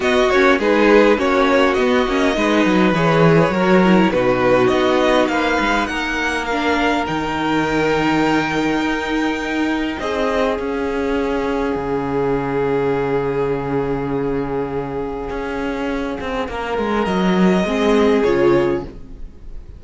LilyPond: <<
  \new Staff \with { instrumentName = "violin" } { \time 4/4 \tempo 4 = 102 dis''8 cis''8 b'4 cis''4 dis''4~ | dis''4 cis''2 b'4 | dis''4 f''4 fis''4 f''4 | g''1~ |
g''4 dis''4 f''2~ | f''1~ | f''1~ | f''4 dis''2 cis''4 | }
  \new Staff \with { instrumentName = "violin" } { \time 4/4 fis'4 gis'4 fis'2 | b'2 ais'4 fis'4~ | fis'4 b'4 ais'2~ | ais'1~ |
ais'4 gis'2.~ | gis'1~ | gis'1 | ais'2 gis'2 | }
  \new Staff \with { instrumentName = "viola" } { \time 4/4 b8 cis'8 dis'4 cis'4 b8 cis'8 | dis'4 gis'4 fis'8 e'8 dis'4~ | dis'2. d'4 | dis'1~ |
dis'2 cis'2~ | cis'1~ | cis'1~ | cis'2 c'4 f'4 | }
  \new Staff \with { instrumentName = "cello" } { \time 4/4 b8 ais8 gis4 ais4 b8 ais8 | gis8 fis8 e4 fis4 b,4 | b4 ais8 gis8 ais2 | dis2. dis'4~ |
dis'4 c'4 cis'2 | cis1~ | cis2 cis'4. c'8 | ais8 gis8 fis4 gis4 cis4 | }
>>